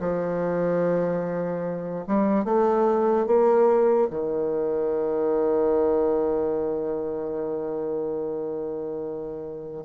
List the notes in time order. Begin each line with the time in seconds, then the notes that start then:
0.00 F3
2.07 G3
2.45 A3
3.27 A#3
4.10 D#3